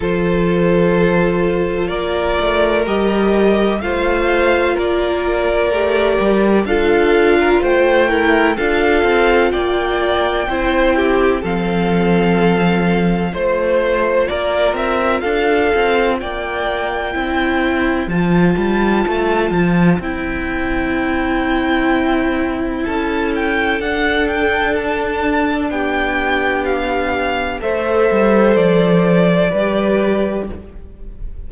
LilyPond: <<
  \new Staff \with { instrumentName = "violin" } { \time 4/4 \tempo 4 = 63 c''2 d''4 dis''4 | f''4 d''2 f''4 | g''4 f''4 g''2 | f''2 c''4 d''8 e''8 |
f''4 g''2 a''4~ | a''4 g''2. | a''8 g''8 fis''8 g''8 a''4 g''4 | f''4 e''4 d''2 | }
  \new Staff \with { instrumentName = "violin" } { \time 4/4 a'2 ais'2 | c''4 ais'2 a'8. ais'16 | c''8 ais'8 a'4 d''4 c''8 g'8 | a'2 c''4 ais'4 |
a'4 d''4 c''2~ | c''1 | a'2. g'4~ | g'4 c''2 b'4 | }
  \new Staff \with { instrumentName = "viola" } { \time 4/4 f'2. g'4 | f'2 g'4 f'4~ | f'8 e'8 f'2 e'4 | c'2 f'2~ |
f'2 e'4 f'4~ | f'4 e'2.~ | e'4 d'2.~ | d'4 a'2 g'4 | }
  \new Staff \with { instrumentName = "cello" } { \time 4/4 f2 ais8 a8 g4 | a4 ais4 a8 g8 d'4 | a4 d'8 c'8 ais4 c'4 | f2 a4 ais8 c'8 |
d'8 c'8 ais4 c'4 f8 g8 | a8 f8 c'2. | cis'4 d'2 b4~ | b4 a8 g8 f4 g4 | }
>>